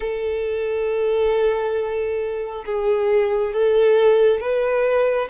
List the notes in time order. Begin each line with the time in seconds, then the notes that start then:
0.00 A4
2.65 G#4
3.53 A4
4.40 B4